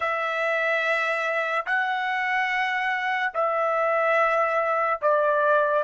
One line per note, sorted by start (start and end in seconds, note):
0.00 1.65 E5
1.66 3.33 F#5
3.33 5.00 E5
5.02 5.83 D5